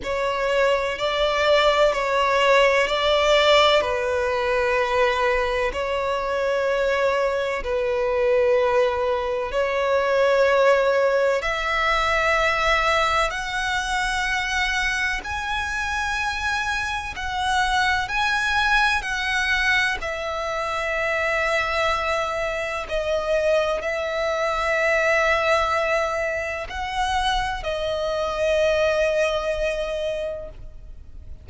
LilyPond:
\new Staff \with { instrumentName = "violin" } { \time 4/4 \tempo 4 = 63 cis''4 d''4 cis''4 d''4 | b'2 cis''2 | b'2 cis''2 | e''2 fis''2 |
gis''2 fis''4 gis''4 | fis''4 e''2. | dis''4 e''2. | fis''4 dis''2. | }